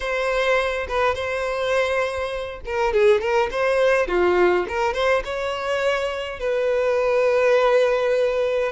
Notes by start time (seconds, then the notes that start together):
0.00 C5
0.88 B4
1.15 C5
2.65 A#4
2.93 G#4
3.20 A#4
3.51 C5
4.07 F4
4.68 A#4
4.93 C5
5.24 C#5
6.39 B4